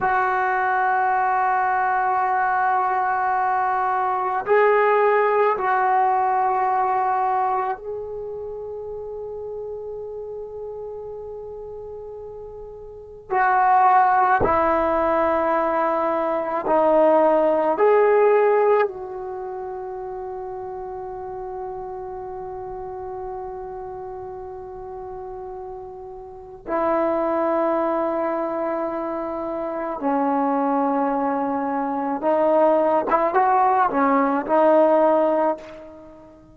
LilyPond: \new Staff \with { instrumentName = "trombone" } { \time 4/4 \tempo 4 = 54 fis'1 | gis'4 fis'2 gis'4~ | gis'1 | fis'4 e'2 dis'4 |
gis'4 fis'2.~ | fis'1 | e'2. cis'4~ | cis'4 dis'8. e'16 fis'8 cis'8 dis'4 | }